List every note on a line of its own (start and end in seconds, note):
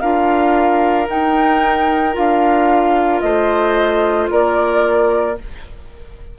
0.00 1.08 D4
0.00 1.08 F4
0.00 3.22 A#4
0.00 1.07 F5
1.08 2.12 D#4
1.08 2.15 D#4
1.08 2.16 G5
2.12 3.22 D4
2.12 5.34 F4
2.12 3.20 F5
3.20 4.29 A3
3.20 4.31 C5
3.20 4.27 D#5
4.31 5.38 A#3
4.31 5.38 A#4
4.31 5.38 D5